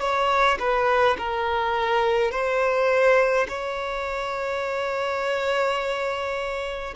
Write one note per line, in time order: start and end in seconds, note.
0.00 0.58 C#5
0.59 1.16 B4
1.18 2.31 A#4
2.31 3.47 C5
3.48 6.94 C#5